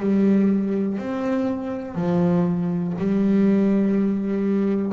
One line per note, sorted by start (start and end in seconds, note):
0.00 0.98 G3
0.99 1.95 C4
1.95 2.94 F3
2.99 4.93 G3